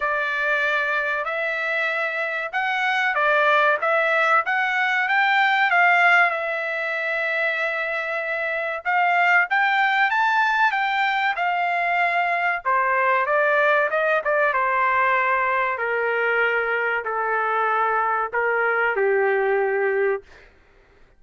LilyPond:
\new Staff \with { instrumentName = "trumpet" } { \time 4/4 \tempo 4 = 95 d''2 e''2 | fis''4 d''4 e''4 fis''4 | g''4 f''4 e''2~ | e''2 f''4 g''4 |
a''4 g''4 f''2 | c''4 d''4 dis''8 d''8 c''4~ | c''4 ais'2 a'4~ | a'4 ais'4 g'2 | }